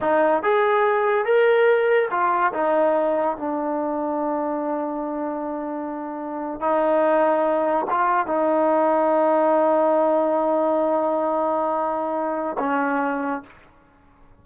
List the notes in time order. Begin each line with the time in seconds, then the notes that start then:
0.00 D#4
0.42 G#4
1.25 A#4
2.11 F4
2.53 D#4
3.37 D4
6.60 D#4
7.90 F4
8.27 D#4
12.58 C#4